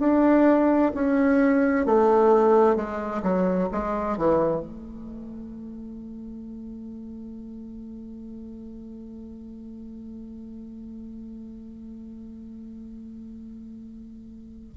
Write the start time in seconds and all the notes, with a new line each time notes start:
0.00 D4
0.95 C#4
1.86 A3
2.76 G#3
3.23 F#3
3.72 G#3
4.17 E3
4.61 A3